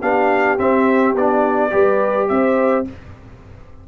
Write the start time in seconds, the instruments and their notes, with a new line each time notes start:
0.00 tuba B3, trombone D4, horn G4, trumpet F5
0.59 trombone C4, tuba C4, trumpet E5
1.15 tuba B3, trombone D4, trumpet D5
1.71 tuba G3, trombone G4, horn B4
2.29 tuba C4, horn C5, trumpet E5